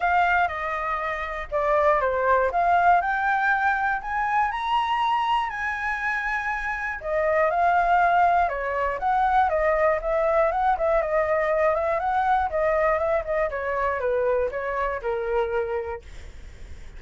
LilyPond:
\new Staff \with { instrumentName = "flute" } { \time 4/4 \tempo 4 = 120 f''4 dis''2 d''4 | c''4 f''4 g''2 | gis''4 ais''2 gis''4~ | gis''2 dis''4 f''4~ |
f''4 cis''4 fis''4 dis''4 | e''4 fis''8 e''8 dis''4. e''8 | fis''4 dis''4 e''8 dis''8 cis''4 | b'4 cis''4 ais'2 | }